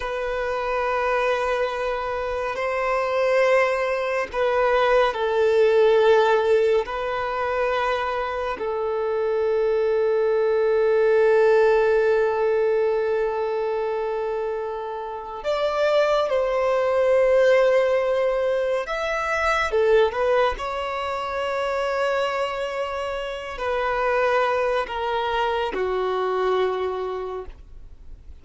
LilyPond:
\new Staff \with { instrumentName = "violin" } { \time 4/4 \tempo 4 = 70 b'2. c''4~ | c''4 b'4 a'2 | b'2 a'2~ | a'1~ |
a'2 d''4 c''4~ | c''2 e''4 a'8 b'8 | cis''2.~ cis''8 b'8~ | b'4 ais'4 fis'2 | }